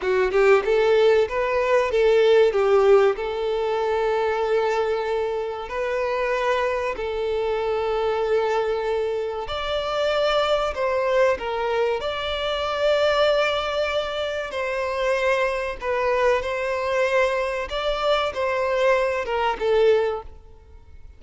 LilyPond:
\new Staff \with { instrumentName = "violin" } { \time 4/4 \tempo 4 = 95 fis'8 g'8 a'4 b'4 a'4 | g'4 a'2.~ | a'4 b'2 a'4~ | a'2. d''4~ |
d''4 c''4 ais'4 d''4~ | d''2. c''4~ | c''4 b'4 c''2 | d''4 c''4. ais'8 a'4 | }